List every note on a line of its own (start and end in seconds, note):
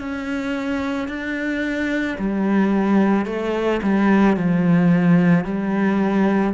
0.00 1.09 C#4
1.09 2.18 D4
2.18 3.26 G3
3.26 3.81 A3
3.83 4.37 G3
4.37 5.45 F3
5.45 6.54 G3